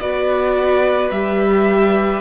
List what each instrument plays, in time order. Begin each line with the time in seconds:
0.00 cello B3, viola F#4, violin B4 D5
1.10 cello G3, viola G4, violin E5